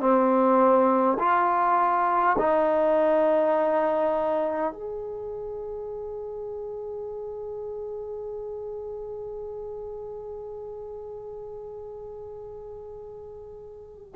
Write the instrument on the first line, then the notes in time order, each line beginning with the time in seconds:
trombone
0.00 C4
1.19 F4
2.39 D#4
4.73 G#4